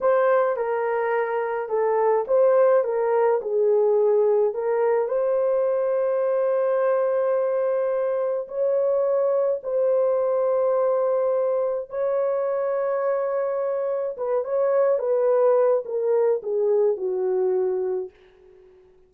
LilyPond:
\new Staff \with { instrumentName = "horn" } { \time 4/4 \tempo 4 = 106 c''4 ais'2 a'4 | c''4 ais'4 gis'2 | ais'4 c''2.~ | c''2. cis''4~ |
cis''4 c''2.~ | c''4 cis''2.~ | cis''4 b'8 cis''4 b'4. | ais'4 gis'4 fis'2 | }